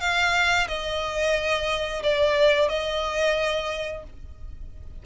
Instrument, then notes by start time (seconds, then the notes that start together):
violin
0.00 F5
0.67 D#5
2.03 D5
2.68 D#5